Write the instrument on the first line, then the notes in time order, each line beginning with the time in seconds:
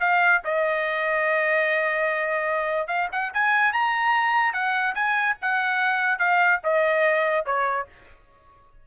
trumpet
0.00 F5
0.44 D#5
2.88 F5
3.12 F#5
3.33 G#5
3.73 A#5
4.53 F#5
4.95 G#5
5.41 F#5
6.18 F5
6.63 D#5
7.45 C#5